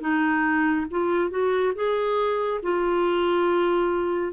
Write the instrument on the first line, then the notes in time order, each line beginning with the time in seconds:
clarinet
0.00 D#4
0.90 F4
1.30 F#4
1.75 G#4
2.62 F4